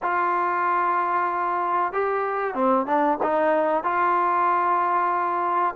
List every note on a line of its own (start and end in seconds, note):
0.02 1.92 F4
1.92 2.54 G4
2.54 2.86 C4
2.86 3.18 D4
3.22 3.83 D#4
3.83 5.74 F4